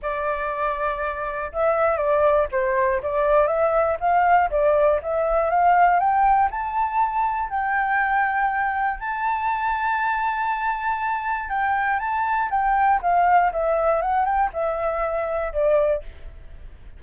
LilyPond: \new Staff \with { instrumentName = "flute" } { \time 4/4 \tempo 4 = 120 d''2. e''4 | d''4 c''4 d''4 e''4 | f''4 d''4 e''4 f''4 | g''4 a''2 g''4~ |
g''2 a''2~ | a''2. g''4 | a''4 g''4 f''4 e''4 | fis''8 g''8 e''2 d''4 | }